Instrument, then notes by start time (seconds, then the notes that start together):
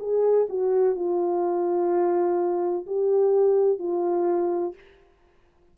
horn
0.00 G#4
0.49 F#4
0.96 F4
2.87 G4
3.79 F4